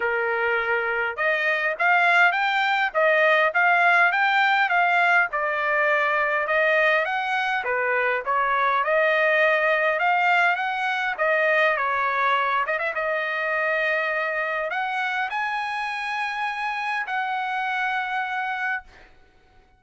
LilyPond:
\new Staff \with { instrumentName = "trumpet" } { \time 4/4 \tempo 4 = 102 ais'2 dis''4 f''4 | g''4 dis''4 f''4 g''4 | f''4 d''2 dis''4 | fis''4 b'4 cis''4 dis''4~ |
dis''4 f''4 fis''4 dis''4 | cis''4. dis''16 e''16 dis''2~ | dis''4 fis''4 gis''2~ | gis''4 fis''2. | }